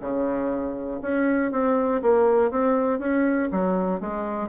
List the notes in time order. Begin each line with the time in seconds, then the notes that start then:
0.00 C#3
1.01 C#4
1.51 C4
2.01 A#3
2.50 C4
2.99 C#4
3.51 F#3
4.00 G#3